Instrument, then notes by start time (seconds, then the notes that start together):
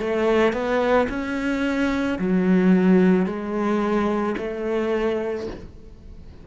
cello
0.00 A3
0.53 B3
1.10 C#4
2.19 F#3
3.26 G#3
4.38 A3